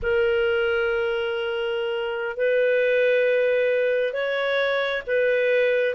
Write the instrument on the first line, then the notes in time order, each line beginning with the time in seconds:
clarinet
0.02 A#4
2.37 B4
4.13 C#5
5.07 B4